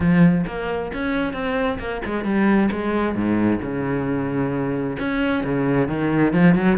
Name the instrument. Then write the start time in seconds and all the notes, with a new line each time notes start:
cello
0.00 F3
0.46 A#3
0.93 C#4
1.33 C4
1.79 A#3
2.05 G#3
2.24 G3
2.71 G#3
3.15 G#2
3.62 C#3
4.99 C#4
5.44 C#3
5.88 D#3
6.33 F3
6.55 F#3